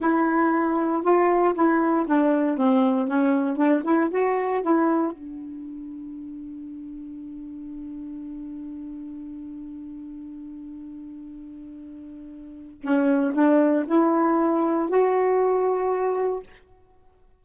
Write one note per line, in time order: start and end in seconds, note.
0.00 1.02 E4
1.02 1.54 F4
1.54 2.05 E4
2.07 2.57 D4
2.57 3.07 C4
3.07 3.56 C#4
3.56 3.82 D4
3.83 4.09 E4
4.10 4.62 F#4
4.62 5.12 E4
5.12 12.81 D4
12.81 13.33 C#4
13.34 13.85 D4
13.86 14.89 E4
14.89 16.42 F#4